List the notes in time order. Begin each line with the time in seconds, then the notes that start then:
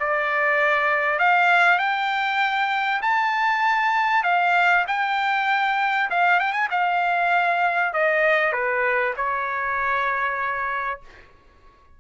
0.00 D5
1.19 F5
1.79 G5
3.02 A5
4.24 F5
4.88 G5
6.11 F5
6.40 G5
6.53 G#5
6.71 F5
7.94 D#5
8.53 B4
9.17 C#5